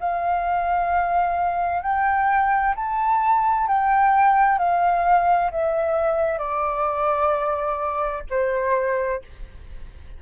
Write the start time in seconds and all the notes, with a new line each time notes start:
0.00 F5
1.83 G5
2.76 A5
3.68 G5
4.59 F5
5.51 E5
6.39 D5
8.30 C5